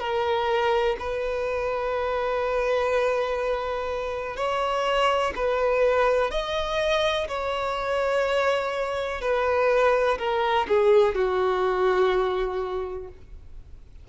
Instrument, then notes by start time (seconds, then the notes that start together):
violin
0.00 A#4
0.99 B4
4.37 C#5
5.36 B4
6.31 D#5
7.28 C#5
9.22 B4
10.19 A#4
10.68 G#4
11.15 F#4